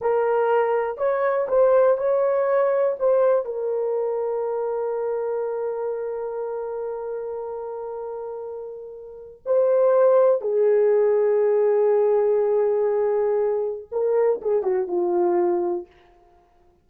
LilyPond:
\new Staff \with { instrumentName = "horn" } { \time 4/4 \tempo 4 = 121 ais'2 cis''4 c''4 | cis''2 c''4 ais'4~ | ais'1~ | ais'1~ |
ais'2. c''4~ | c''4 gis'2.~ | gis'1 | ais'4 gis'8 fis'8 f'2 | }